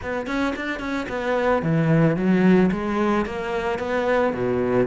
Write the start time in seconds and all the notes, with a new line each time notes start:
0.02 B3
0.27 C#4
0.56 D4
0.79 C#4
1.09 B3
1.62 E3
2.16 F#3
2.71 G#3
3.25 A#3
3.78 B3
4.32 B2